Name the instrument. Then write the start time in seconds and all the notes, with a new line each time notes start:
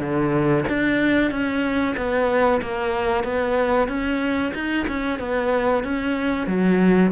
cello
0.00 D3
0.69 D4
1.31 C#4
1.96 B3
2.62 A#3
3.24 B3
3.88 C#4
4.54 D#4
4.88 C#4
5.19 B3
5.84 C#4
6.47 F#3